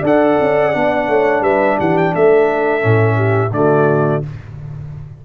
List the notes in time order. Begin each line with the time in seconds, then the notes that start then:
0.00 D4 A4 D5
0.07 F#5
0.41 C#4
0.74 B3 D4
1.07 A3 C#5
1.41 G3 B4 E5
1.78 E3 G4 F#5
1.97 G5
2.14 A3 A4 E5
2.80 A2 C#4
3.16 G4
3.51 D3 A3 F#4 D5